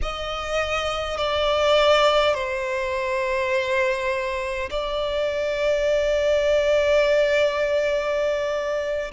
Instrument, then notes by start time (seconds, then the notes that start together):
violin
0.02 D#5
1.17 D5
2.34 C5
4.70 D5